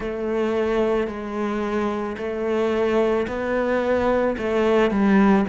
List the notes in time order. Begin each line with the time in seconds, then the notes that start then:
0.00 A3
1.07 G#3
2.17 A3
3.27 B3
4.38 A3
4.90 G3